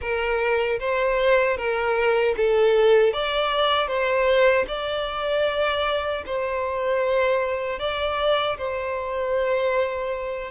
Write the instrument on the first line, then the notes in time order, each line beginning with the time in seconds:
violin
0.01 A#4
0.79 C5
1.57 A#4
2.37 A4
3.13 D5
3.87 C5
4.67 D5
6.26 C5
7.79 D5
8.57 C5